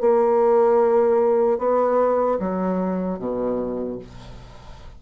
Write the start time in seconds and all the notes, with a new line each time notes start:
0.00 A#3
1.58 B3
2.39 F#3
3.18 B2